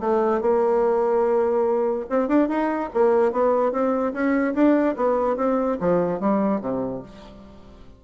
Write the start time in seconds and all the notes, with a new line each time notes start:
0.00 A3
0.41 A#3
2.10 C4
2.28 D4
2.49 D#4
2.94 A#3
3.32 B3
3.72 C4
4.13 C#4
4.54 D4
4.96 B3
5.37 C4
5.80 F3
6.20 G3
6.61 C3